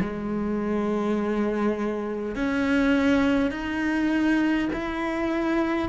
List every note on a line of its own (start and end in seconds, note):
0.00 2.35 G#3
2.35 3.51 C#4
3.51 4.68 D#4
4.73 5.89 E4